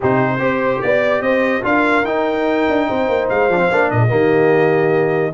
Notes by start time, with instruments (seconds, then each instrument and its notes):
0.00 tuba C3, trombone D#4, horn G4, trumpet C5
0.39 tuba C4, trombone G4, horn C5
0.81 tuba B3, trumpet D5, horn D5
1.21 tuba C4, horn C5, trumpet D#5
1.62 tuba D4, trombone F4, horn A#4, trumpet F5
2.04 tuba D#4, trombone D#4, trumpet G5
2.68 tuba D4
2.88 tuba C4, horn C5
3.08 tuba A#3
3.29 tuba G#3, trumpet F5
3.48 tuba F3, trombone D4
3.58 trombone C4
3.71 tuba A#3, trombone D4
3.90 tuba A#2, horn A#4, trumpet D#5
3.99 horn G#4
4.08 tuba D#3, trombone A#3, horn G4